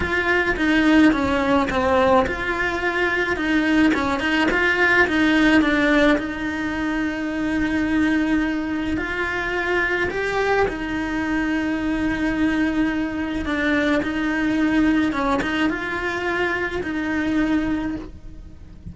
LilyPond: \new Staff \with { instrumentName = "cello" } { \time 4/4 \tempo 4 = 107 f'4 dis'4 cis'4 c'4 | f'2 dis'4 cis'8 dis'8 | f'4 dis'4 d'4 dis'4~ | dis'1 |
f'2 g'4 dis'4~ | dis'1 | d'4 dis'2 cis'8 dis'8 | f'2 dis'2 | }